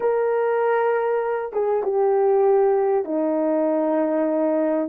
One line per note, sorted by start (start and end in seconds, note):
0.00 1.52 A#4
1.52 1.83 G#4
1.83 3.04 G4
3.04 4.88 D#4